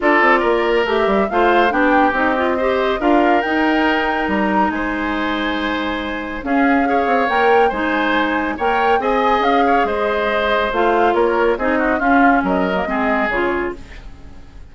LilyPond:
<<
  \new Staff \with { instrumentName = "flute" } { \time 4/4 \tempo 4 = 140 d''2 e''4 f''4 | g''4 dis''2 f''4 | g''2 ais''4 gis''4~ | gis''2. f''4~ |
f''4 g''4 gis''2 | g''4 gis''4 f''4 dis''4~ | dis''4 f''4 cis''4 dis''4 | f''4 dis''2 cis''4 | }
  \new Staff \with { instrumentName = "oboe" } { \time 4/4 a'4 ais'2 c''4 | g'2 c''4 ais'4~ | ais'2. c''4~ | c''2. gis'4 |
cis''2 c''2 | cis''4 dis''4. cis''8 c''4~ | c''2 ais'4 gis'8 fis'8 | f'4 ais'4 gis'2 | }
  \new Staff \with { instrumentName = "clarinet" } { \time 4/4 f'2 g'4 f'4 | d'4 dis'8 f'8 g'4 f'4 | dis'1~ | dis'2. cis'4 |
gis'4 ais'4 dis'2 | ais'4 gis'2.~ | gis'4 f'2 dis'4 | cis'4.~ cis'16 ais16 c'4 f'4 | }
  \new Staff \with { instrumentName = "bassoon" } { \time 4/4 d'8 c'8 ais4 a8 g8 a4 | b4 c'2 d'4 | dis'2 g4 gis4~ | gis2. cis'4~ |
cis'8 c'8 ais4 gis2 | ais4 c'4 cis'4 gis4~ | gis4 a4 ais4 c'4 | cis'4 fis4 gis4 cis4 | }
>>